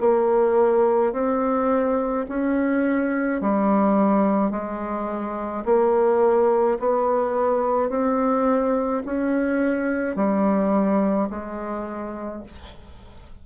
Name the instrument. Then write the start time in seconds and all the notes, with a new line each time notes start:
bassoon
0.00 A#3
1.12 C4
2.28 C#4
3.41 G3
4.51 G#3
5.64 A#3
6.79 B3
7.89 C4
9.05 C#4
10.16 G3
11.30 G#3